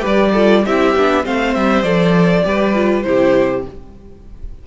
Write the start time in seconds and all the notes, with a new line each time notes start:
0.00 G3 G4 B4 D5
0.32 F4 A4
0.65 C4 E4 G4 E5
0.96 B3 D4
1.24 A3 C4 C5 F5
1.54 G3 E5
1.82 F3 A4 D5
2.43 G3 G4 B4
2.74 F4
3.02 C3 E4 G4 C5